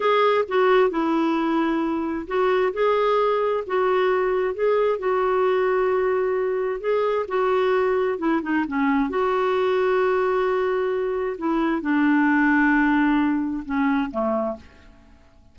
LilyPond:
\new Staff \with { instrumentName = "clarinet" } { \time 4/4 \tempo 4 = 132 gis'4 fis'4 e'2~ | e'4 fis'4 gis'2 | fis'2 gis'4 fis'4~ | fis'2. gis'4 |
fis'2 e'8 dis'8 cis'4 | fis'1~ | fis'4 e'4 d'2~ | d'2 cis'4 a4 | }